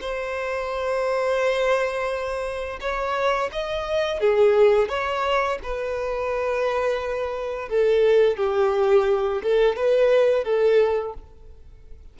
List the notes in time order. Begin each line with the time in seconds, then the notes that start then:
0.00 C5
2.80 C#5
3.52 D#5
4.20 G#4
4.88 C#5
5.63 B4
7.69 A4
8.37 G4
9.42 A4
9.76 B4
10.44 A4